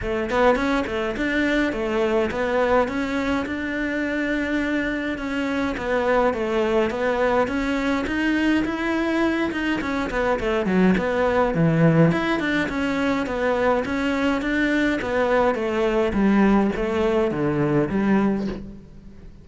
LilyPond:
\new Staff \with { instrumentName = "cello" } { \time 4/4 \tempo 4 = 104 a8 b8 cis'8 a8 d'4 a4 | b4 cis'4 d'2~ | d'4 cis'4 b4 a4 | b4 cis'4 dis'4 e'4~ |
e'8 dis'8 cis'8 b8 a8 fis8 b4 | e4 e'8 d'8 cis'4 b4 | cis'4 d'4 b4 a4 | g4 a4 d4 g4 | }